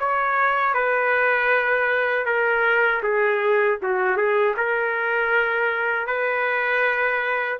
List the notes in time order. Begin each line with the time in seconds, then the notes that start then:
0.00 C#5
0.75 B4
2.26 A#4
3.03 G#4
3.83 F#4
4.17 G#4
4.57 A#4
6.07 B4